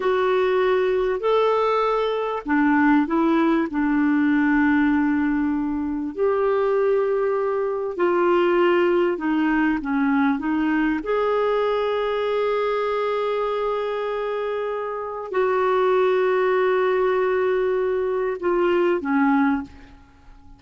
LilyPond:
\new Staff \with { instrumentName = "clarinet" } { \time 4/4 \tempo 4 = 98 fis'2 a'2 | d'4 e'4 d'2~ | d'2 g'2~ | g'4 f'2 dis'4 |
cis'4 dis'4 gis'2~ | gis'1~ | gis'4 fis'2.~ | fis'2 f'4 cis'4 | }